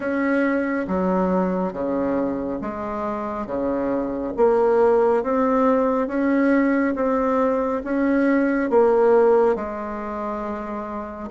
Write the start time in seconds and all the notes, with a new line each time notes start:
0.00 C#4
0.87 F#3
1.72 C#3
2.61 G#3
3.46 C#3
4.36 A#3
5.23 C4
6.07 C#4
6.95 C4
7.84 C#4
8.70 A#3
9.55 G#3